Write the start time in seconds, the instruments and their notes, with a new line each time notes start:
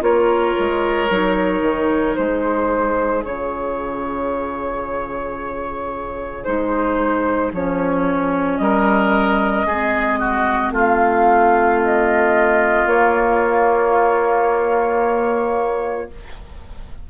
0.00 bassoon A#3, clarinet F4, oboe A#4, flute C#5
0.59 bassoon G#3
1.09 bassoon F#3, clarinet D#4
1.61 bassoon D#3
2.15 bassoon G#3, oboe G#4, flute C5
3.24 bassoon C#3, clarinet F4, flute C#5
6.44 bassoon G#3, clarinet D#4, flute C5
7.52 bassoon F3, clarinet C#4, flute C#5
8.58 bassoon G3, oboe A#4, flute D#5
9.65 bassoon G#3, clarinet C4, oboe G#4
10.19 oboe F#4
10.71 bassoon A3, oboe F4, flute F5
11.84 flute D#5
12.85 bassoon A#3, clarinet A#3, flute C#5